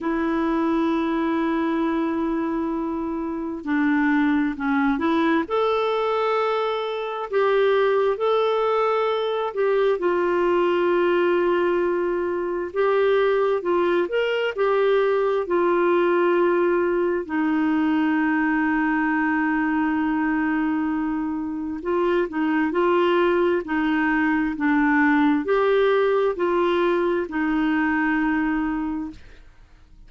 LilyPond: \new Staff \with { instrumentName = "clarinet" } { \time 4/4 \tempo 4 = 66 e'1 | d'4 cis'8 e'8 a'2 | g'4 a'4. g'8 f'4~ | f'2 g'4 f'8 ais'8 |
g'4 f'2 dis'4~ | dis'1 | f'8 dis'8 f'4 dis'4 d'4 | g'4 f'4 dis'2 | }